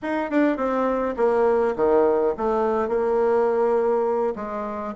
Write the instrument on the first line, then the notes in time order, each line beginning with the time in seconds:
bassoon
0.02 D#4
0.30 D4
0.56 C4
1.16 A#3
1.76 D#3
2.37 A3
2.88 A#3
4.35 G#3